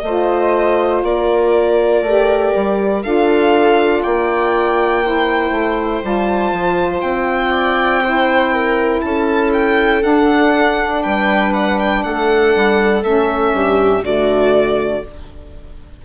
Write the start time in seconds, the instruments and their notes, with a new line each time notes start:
0.00 bassoon A3, saxophone F4, viola C5, violin D#5
1.03 bassoon A#3, viola A#4, violin D5
2.02 bassoon A3, saxophone G4
2.55 bassoon G3
3.02 bassoon D4, saxophone F4, viola A4, violin F5
4.03 bassoon A#3, viola D5, violin G5
5.03 saxophone E4, viola C5
5.50 bassoon A3
6.02 bassoon G3, saxophone F4, violin A5
6.52 bassoon F3
7.01 bassoon C4, violin G5
7.51 viola D5
8.03 saxophone E4, viola C5
8.53 viola A#4
9.00 bassoon C#4, viola A4, violin A5
9.53 violin G5
10.00 saxophone D4, bassoon D4, violin F#5
11.02 bassoon G3, viola B4, violin G5
11.54 violin F#5
11.79 violin G5
12.03 bassoon A3, viola A4, violin F#5
12.55 bassoon G3
13.03 bassoon A3, saxophone C#4, violin E5
13.52 bassoon G2, viola G4
14.01 bassoon D3, saxophone A3, viola F#4, violin D5